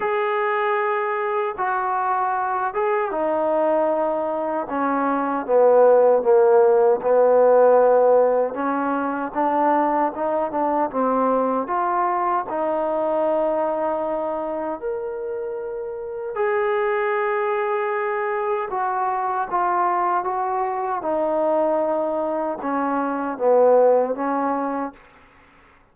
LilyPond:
\new Staff \with { instrumentName = "trombone" } { \time 4/4 \tempo 4 = 77 gis'2 fis'4. gis'8 | dis'2 cis'4 b4 | ais4 b2 cis'4 | d'4 dis'8 d'8 c'4 f'4 |
dis'2. ais'4~ | ais'4 gis'2. | fis'4 f'4 fis'4 dis'4~ | dis'4 cis'4 b4 cis'4 | }